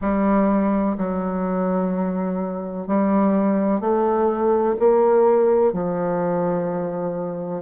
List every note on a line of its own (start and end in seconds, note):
0.01 0.96 G3
0.97 2.87 F#3
2.87 3.80 G3
3.80 4.75 A3
4.79 5.72 A#3
5.72 7.62 F3